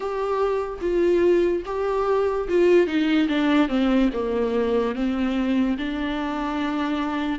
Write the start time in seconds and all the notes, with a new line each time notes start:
0.00 G4
0.81 F4
1.65 G4
2.48 F4
2.86 D#4
3.28 D4
3.68 C4
4.13 A#3
4.95 C4
5.77 D4